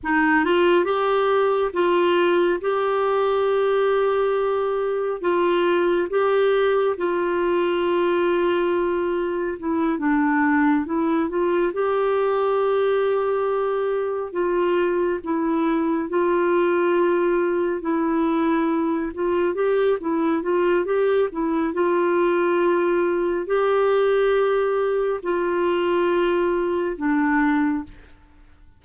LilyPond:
\new Staff \with { instrumentName = "clarinet" } { \time 4/4 \tempo 4 = 69 dis'8 f'8 g'4 f'4 g'4~ | g'2 f'4 g'4 | f'2. e'8 d'8~ | d'8 e'8 f'8 g'2~ g'8~ |
g'8 f'4 e'4 f'4.~ | f'8 e'4. f'8 g'8 e'8 f'8 | g'8 e'8 f'2 g'4~ | g'4 f'2 d'4 | }